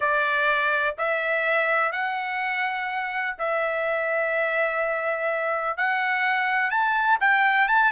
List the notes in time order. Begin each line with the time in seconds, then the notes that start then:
0.00 D5
0.97 E5
1.92 F#5
3.38 E5
5.77 F#5
6.70 A5
7.20 G5
7.68 A5